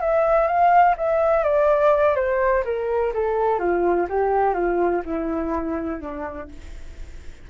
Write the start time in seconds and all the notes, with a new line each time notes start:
0.00 E5
0.47 F5
0.97 E5
1.43 D5
2.15 C5
2.64 A#4
3.13 A4
3.59 F4
4.09 G4
4.54 F4
5.05 E4
6.00 D4